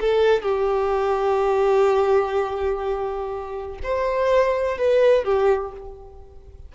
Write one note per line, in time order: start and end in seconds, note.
0.00 0.42 A4
0.42 3.78 G4
3.83 4.78 C5
4.78 5.24 B4
5.24 5.72 G4